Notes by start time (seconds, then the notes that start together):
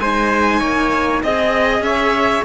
0.00 G#3 D#4 C5 G#5
0.60 A#3 C#5
1.23 C4 G#4 D#5
1.80 C#4 C#5 E5